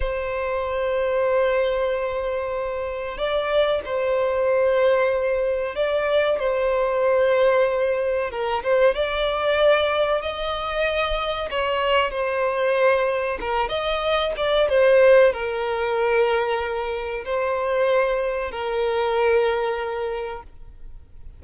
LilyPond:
\new Staff \with { instrumentName = "violin" } { \time 4/4 \tempo 4 = 94 c''1~ | c''4 d''4 c''2~ | c''4 d''4 c''2~ | c''4 ais'8 c''8 d''2 |
dis''2 cis''4 c''4~ | c''4 ais'8 dis''4 d''8 c''4 | ais'2. c''4~ | c''4 ais'2. | }